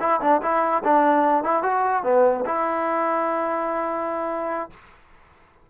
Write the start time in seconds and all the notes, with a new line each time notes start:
0.00 E4
0.21 D4
0.42 E4
0.83 D4
1.43 E4
1.63 F#4
2.03 B3
2.45 E4